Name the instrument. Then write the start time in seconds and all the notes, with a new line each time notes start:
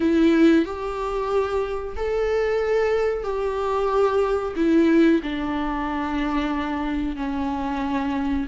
viola
0.00 E4
0.65 G4
1.96 A4
3.23 G4
4.56 E4
5.22 D4
7.16 C#4